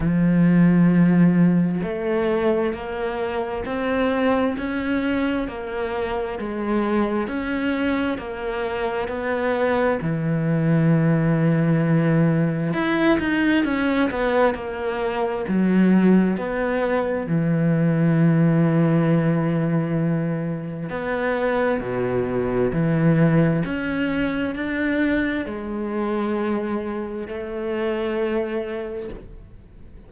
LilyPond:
\new Staff \with { instrumentName = "cello" } { \time 4/4 \tempo 4 = 66 f2 a4 ais4 | c'4 cis'4 ais4 gis4 | cis'4 ais4 b4 e4~ | e2 e'8 dis'8 cis'8 b8 |
ais4 fis4 b4 e4~ | e2. b4 | b,4 e4 cis'4 d'4 | gis2 a2 | }